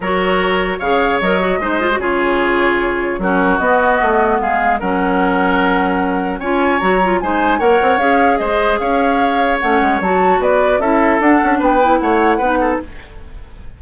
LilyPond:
<<
  \new Staff \with { instrumentName = "flute" } { \time 4/4 \tempo 4 = 150 cis''2 f''4 dis''4~ | dis''4 cis''2. | ais'4 dis''2 f''4 | fis''1 |
gis''4 ais''4 gis''4 fis''4 | f''4 dis''4 f''2 | fis''4 a''4 d''4 e''4 | fis''4 g''4 fis''2 | }
  \new Staff \with { instrumentName = "oboe" } { \time 4/4 ais'2 cis''2 | c''4 gis'2. | fis'2. gis'4 | ais'1 |
cis''2 c''4 cis''4~ | cis''4 c''4 cis''2~ | cis''2 b'4 a'4~ | a'4 b'4 cis''4 b'8 a'8 | }
  \new Staff \with { instrumentName = "clarinet" } { \time 4/4 fis'2 gis'4 ais'8 fis'8 | dis'8 f'16 fis'16 f'2. | cis'4 b2. | cis'1 |
f'4 fis'8 f'8 dis'4 ais'4 | gis'1 | cis'4 fis'2 e'4 | d'4. e'4. dis'4 | }
  \new Staff \with { instrumentName = "bassoon" } { \time 4/4 fis2 cis4 fis4 | gis4 cis2. | fis4 b4 a4 gis4 | fis1 |
cis'4 fis4 gis4 ais8 c'8 | cis'4 gis4 cis'2 | a8 gis8 fis4 b4 cis'4 | d'8 cis'8 b4 a4 b4 | }
>>